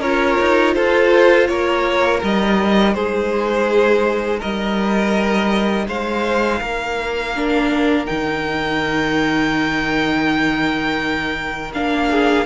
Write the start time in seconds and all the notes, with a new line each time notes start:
0.00 C#4 F4 A#4 C#5
0.41 D#4
0.74 F4 A4 C5
1.48 A#3 A#4 C#5
2.22 G3 D#4 D#5
2.94 G#3 G#4 C5
4.40 G3 A#4 D#5
5.88 G#3 C5 F5
6.60 A#3 A#4
7.36 D4
8.07 D#3 D#4 G5
11.74 A#3 D4 F5
12.11 G#4